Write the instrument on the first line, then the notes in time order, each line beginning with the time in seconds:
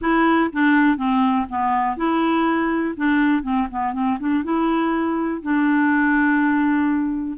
clarinet
0.01 E4
0.53 D4
0.97 C4
1.49 B3
1.96 E4
2.96 D4
3.42 C4
3.70 B3
3.93 C4
4.19 D4
4.44 E4
5.42 D4